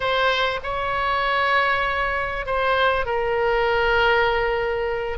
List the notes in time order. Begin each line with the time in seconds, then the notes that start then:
0.00 C5
0.63 C#5
2.45 C5
3.05 A#4